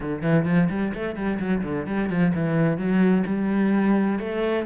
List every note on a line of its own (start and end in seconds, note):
0.00 0.22 D3
0.22 0.45 E3
0.45 0.68 F3
0.69 0.93 G3
0.94 1.15 A3
1.15 1.38 G3
1.39 1.62 F#3
1.63 1.86 D3
1.86 2.09 G3
2.09 2.33 F3
2.34 2.77 E3
2.77 3.24 F#3
3.26 4.19 G3
4.19 4.65 A3